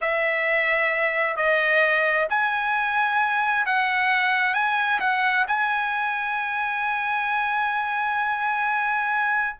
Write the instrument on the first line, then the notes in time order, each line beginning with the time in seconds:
trumpet
0.01 E5
1.36 D#5
2.29 G#5
3.66 F#5
4.54 G#5
5.00 F#5
5.47 G#5